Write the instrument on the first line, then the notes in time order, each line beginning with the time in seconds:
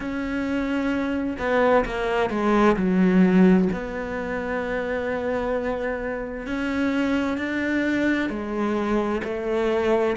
cello
0.00 C#4
1.38 B3
1.85 A#3
2.30 G#3
2.76 F#3
3.73 B3
6.46 C#4
7.37 D4
8.29 G#3
9.23 A3